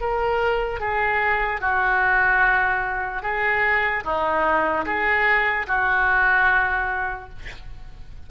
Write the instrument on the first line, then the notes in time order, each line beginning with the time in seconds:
oboe
0.00 A#4
0.80 G#4
1.61 F#4
3.22 G#4
4.04 D#4
4.85 G#4
5.67 F#4